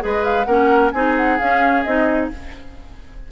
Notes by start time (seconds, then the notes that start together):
0.00 G#3 G#4 B4 D#5
0.25 F5
0.45 A#3 C#4 A#4 F#5
0.92 C4 D#4 G#4 G#5
1.17 F#5
1.40 C#4 F5
1.84 C4 D#4 D#5